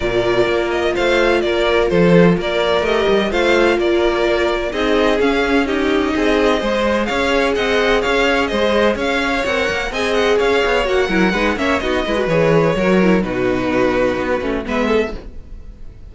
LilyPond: <<
  \new Staff \with { instrumentName = "violin" } { \time 4/4 \tempo 4 = 127 d''4. dis''8 f''4 d''4 | c''4 d''4 dis''4 f''4 | d''2 dis''4 f''4 | dis''2. f''4 |
fis''4 f''4 dis''4 f''4 | fis''4 gis''8 fis''8 f''4 fis''4~ | fis''8 e''8 dis''4 cis''2 | b'2. e''4 | }
  \new Staff \with { instrumentName = "violin" } { \time 4/4 ais'2 c''4 ais'4 | a'4 ais'2 c''4 | ais'2 gis'2 | g'4 gis'4 c''4 cis''4 |
dis''4 cis''4 c''4 cis''4~ | cis''4 dis''4 cis''4. ais'8 | b'8 cis''8 fis'8 b'4. ais'4 | fis'2. b'8 a'8 | }
  \new Staff \with { instrumentName = "viola" } { \time 4/4 f'1~ | f'2 g'4 f'4~ | f'2 dis'4 cis'4 | dis'2 gis'2~ |
gis'1 | ais'4 gis'2 fis'8 e'8 | dis'8 cis'8 dis'8 e'16 fis'16 gis'4 fis'8 e'8 | dis'2~ dis'8 cis'8 b4 | }
  \new Staff \with { instrumentName = "cello" } { \time 4/4 ais,4 ais4 a4 ais4 | f4 ais4 a8 g8 a4 | ais2 c'4 cis'4~ | cis'4 c'4 gis4 cis'4 |
c'4 cis'4 gis4 cis'4 | c'8 ais8 c'4 cis'8 b8 ais8 fis8 | gis8 ais8 b8 gis8 e4 fis4 | b,2 b8 a8 gis4 | }
>>